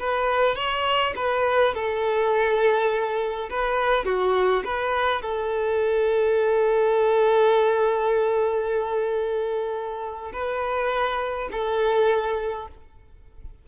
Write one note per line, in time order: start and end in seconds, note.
0.00 0.56 B4
0.56 1.14 C#5
1.17 1.75 B4
1.75 3.50 A4
3.50 4.05 B4
4.05 4.64 F#4
4.65 5.22 B4
5.22 10.32 A4
10.33 11.50 B4
11.52 12.69 A4